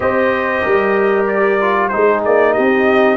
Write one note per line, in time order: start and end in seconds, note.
0.00 0.64 C4
0.00 1.59 G4
0.00 0.62 C5
0.00 1.26 D#5
0.62 1.92 G3
0.62 1.89 A#4
1.26 1.88 D5
1.60 1.91 F4
1.88 2.26 G#3
1.88 3.17 D#4
1.88 2.53 G#4
1.88 2.20 C5
2.24 2.57 A#3
2.24 2.53 D5
2.53 3.17 C4
2.53 3.17 G4
2.53 3.17 D#5